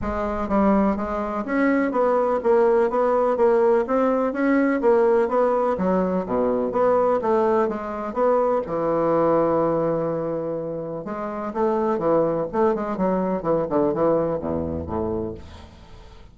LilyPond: \new Staff \with { instrumentName = "bassoon" } { \time 4/4 \tempo 4 = 125 gis4 g4 gis4 cis'4 | b4 ais4 b4 ais4 | c'4 cis'4 ais4 b4 | fis4 b,4 b4 a4 |
gis4 b4 e2~ | e2. gis4 | a4 e4 a8 gis8 fis4 | e8 d8 e4 e,4 a,4 | }